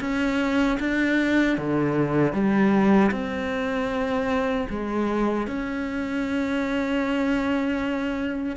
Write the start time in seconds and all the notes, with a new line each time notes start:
0.00 C#4
0.79 D4
1.57 D3
2.33 G3
3.11 C4
4.69 G#3
5.47 C#4